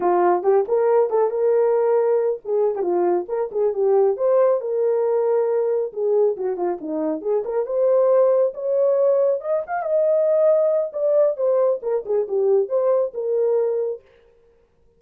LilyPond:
\new Staff \with { instrumentName = "horn" } { \time 4/4 \tempo 4 = 137 f'4 g'8 ais'4 a'8 ais'4~ | ais'4. gis'8. g'16 f'4 ais'8 | gis'8 g'4 c''4 ais'4.~ | ais'4. gis'4 fis'8 f'8 dis'8~ |
dis'8 gis'8 ais'8 c''2 cis''8~ | cis''4. dis''8 f''8 dis''4.~ | dis''4 d''4 c''4 ais'8 gis'8 | g'4 c''4 ais'2 | }